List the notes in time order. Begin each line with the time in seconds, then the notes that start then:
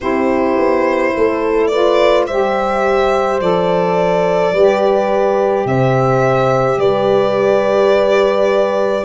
0.00 C4 E4 G4 C5
0.57 B3
1.16 A3 A4
1.67 F4 B4 D5
2.26 G3 G4 C5 E5
3.40 F3 A4 D5
4.52 G3 G4 B4
5.65 C3 C5 E5
6.77 G3 B4 D5